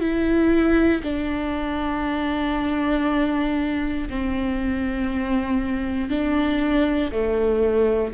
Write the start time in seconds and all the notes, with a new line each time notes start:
0.00 E4
1.03 D4
4.09 C4
6.09 D4
7.11 A3